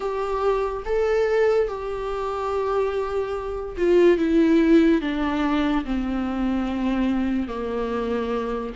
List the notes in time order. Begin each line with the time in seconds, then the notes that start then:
0.00 G4
0.85 A4
1.68 G4
3.77 F4
4.18 E4
5.01 D4
5.84 C4
7.48 A#3